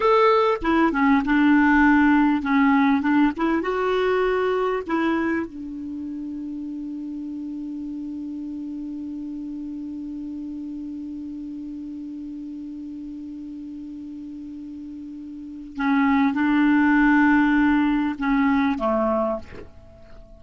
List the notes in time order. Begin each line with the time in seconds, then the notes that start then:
0.00 A4
0.61 E4
0.92 C#4
1.25 D4
2.42 C#4
3.01 D4
3.36 E4
3.62 F#4
4.87 E4
5.46 D4
15.76 C#4
16.33 D4
18.18 C#4
18.78 A3